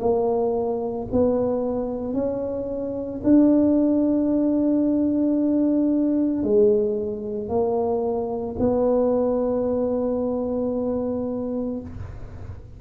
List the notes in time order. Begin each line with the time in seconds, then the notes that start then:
0.00 A#3
1.12 B3
2.14 C#4
3.24 D4
6.43 G#3
7.49 A#3
8.59 B3